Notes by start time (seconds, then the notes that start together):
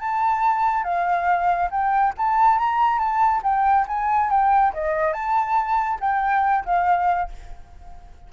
0.00 A5
0.84 F5
1.71 G5
2.18 A5
2.59 A#5
2.99 A5
3.43 G5
3.88 G#5
4.31 G5
4.74 D#5
5.14 A5
6.01 G5
6.65 F5